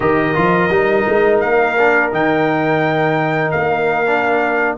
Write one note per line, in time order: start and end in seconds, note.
0.00 0.34 D#3
0.00 0.34 G4
0.00 4.76 A#4
0.00 1.39 D#5
0.34 0.69 F3
0.34 0.69 F4
0.69 1.05 G3
0.69 1.76 D#4
1.08 1.42 G#3
1.40 2.12 A#3
1.40 2.11 F5
1.77 2.11 D4
2.11 3.53 D#3
2.11 4.06 D#4
2.11 3.51 G5
3.51 4.77 A#3
3.51 4.74 F5
4.06 4.77 D4